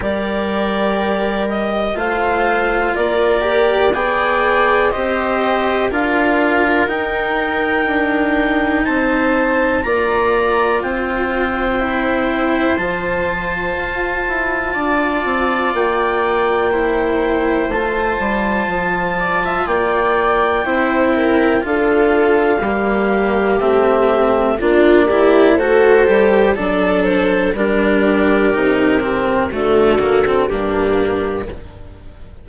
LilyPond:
<<
  \new Staff \with { instrumentName = "clarinet" } { \time 4/4 \tempo 4 = 61 d''4. dis''8 f''4 d''4 | g''4 dis''4 f''4 g''4~ | g''4 a''4 ais''4 g''4~ | g''4 a''2. |
g''2 a''2 | g''2 f''2 | e''4 d''4 c''4 d''8 c''8 | ais'2 a'4 g'4 | }
  \new Staff \with { instrumentName = "viola" } { \time 4/4 ais'2 c''4 ais'4 | d''4 c''4 ais'2~ | ais'4 c''4 d''4 c''4~ | c''2. d''4~ |
d''4 c''2~ c''8 d''16 e''16 | d''4 c''8 ais'8 a'4 g'4~ | g'4 f'8 g'8 a'4 d'4 | g'2 fis'4 d'4 | }
  \new Staff \with { instrumentName = "cello" } { \time 4/4 g'2 f'4. g'8 | gis'4 g'4 f'4 dis'4~ | dis'2 f'2 | e'4 f'2.~ |
f'4 e'4 f'2~ | f'4 e'4 f'4 ais4 | c'4 d'8 e'8 fis'8 g'8 a'4 | d'4 dis'8 c'8 a8 ais16 c'16 ais4 | }
  \new Staff \with { instrumentName = "bassoon" } { \time 4/4 g2 a4 ais4 | b4 c'4 d'4 dis'4 | d'4 c'4 ais4 c'4~ | c'4 f4 f'8 e'8 d'8 c'8 |
ais2 a8 g8 f4 | ais4 c'4 d'4 g4 | a4 ais4 a8 g8 fis4 | g4 c4 d4 g,4 | }
>>